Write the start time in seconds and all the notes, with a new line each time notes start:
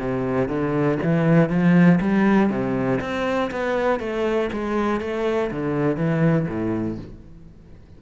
0.00 C3
0.48 D3
1.03 E3
1.50 F3
2.01 G3
2.50 C3
3.01 C4
3.51 B3
4.00 A3
4.53 G#3
5.01 A3
5.51 D3
5.97 E3
6.48 A2